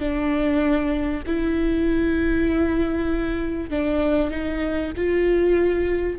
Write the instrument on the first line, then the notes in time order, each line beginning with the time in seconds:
viola
0.00 D4
1.27 E4
3.70 D4
4.31 D#4
4.97 F4